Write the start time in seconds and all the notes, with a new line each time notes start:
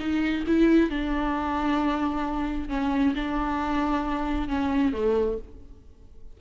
0.00 D#4
0.47 E4
0.90 D4
2.69 C#4
3.16 D4
4.49 C#4
4.93 A3